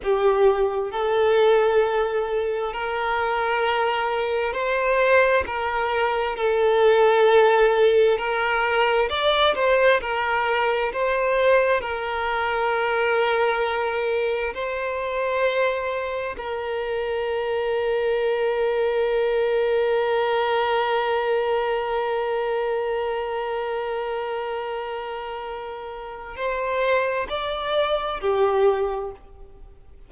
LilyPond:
\new Staff \with { instrumentName = "violin" } { \time 4/4 \tempo 4 = 66 g'4 a'2 ais'4~ | ais'4 c''4 ais'4 a'4~ | a'4 ais'4 d''8 c''8 ais'4 | c''4 ais'2. |
c''2 ais'2~ | ais'1~ | ais'1~ | ais'4 c''4 d''4 g'4 | }